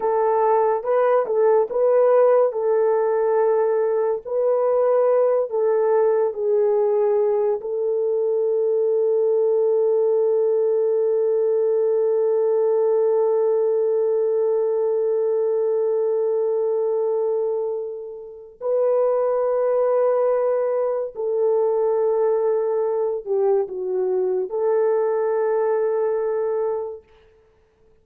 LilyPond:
\new Staff \with { instrumentName = "horn" } { \time 4/4 \tempo 4 = 71 a'4 b'8 a'8 b'4 a'4~ | a'4 b'4. a'4 gis'8~ | gis'4 a'2.~ | a'1~ |
a'1~ | a'2 b'2~ | b'4 a'2~ a'8 g'8 | fis'4 a'2. | }